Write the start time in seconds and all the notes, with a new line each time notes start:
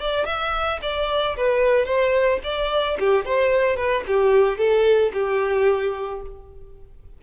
0.00 D5
0.25 E5
0.82 D5
1.37 B4
1.85 C5
2.43 D5
2.99 G4
3.25 C5
3.76 B4
4.07 G4
4.57 A4
5.13 G4